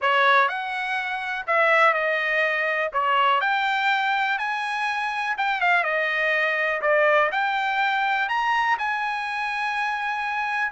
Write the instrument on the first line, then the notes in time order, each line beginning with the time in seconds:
trumpet
0.01 C#5
0.48 F#5
1.46 E5
1.93 D#5
2.92 C#5
3.40 G5
4.38 G#5
5.37 G5
5.60 F5
5.83 D#5
6.81 D5
7.31 G5
8.28 A#5
8.78 G#5